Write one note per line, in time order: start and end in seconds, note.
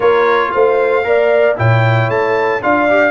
0.00 0.52 A#3
0.00 1.03 F4
0.00 0.51 A#4
0.00 0.51 C#5
0.51 1.05 A3
0.51 1.05 C5
0.51 1.56 F5
1.03 1.57 A#3
1.03 1.55 A#4
1.03 1.58 D5
1.56 2.08 A#2
1.56 2.60 E4
1.56 2.63 C#5
1.56 2.09 G5
2.08 2.61 A3
2.08 2.62 A5
2.62 3.11 D4
2.62 2.88 F4
2.62 3.11 D5
2.62 3.11 F5
2.89 3.11 G4